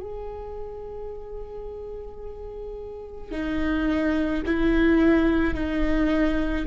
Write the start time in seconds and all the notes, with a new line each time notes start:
0.00 G#4
3.32 D#4
4.46 E4
5.55 D#4